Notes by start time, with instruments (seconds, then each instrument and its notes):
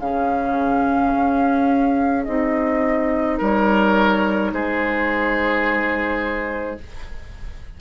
0.00 bassoon C#3, clarinet C#4, oboe G#4, flute F5
1.14 bassoon C#4
2.24 bassoon C4, clarinet D#4, flute D#5
3.38 bassoon G3, oboe A#4, flute C#5
4.52 bassoon G#3, oboe G#4, flute C5